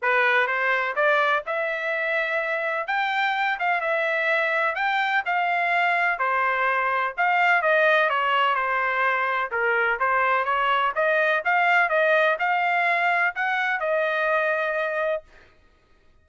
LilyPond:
\new Staff \with { instrumentName = "trumpet" } { \time 4/4 \tempo 4 = 126 b'4 c''4 d''4 e''4~ | e''2 g''4. f''8 | e''2 g''4 f''4~ | f''4 c''2 f''4 |
dis''4 cis''4 c''2 | ais'4 c''4 cis''4 dis''4 | f''4 dis''4 f''2 | fis''4 dis''2. | }